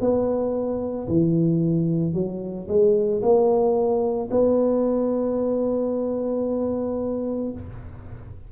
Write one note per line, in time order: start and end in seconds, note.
0.00 1.07 B3
1.08 2.13 E3
2.13 2.66 F#3
2.67 3.21 G#3
3.21 4.29 A#3
4.30 7.51 B3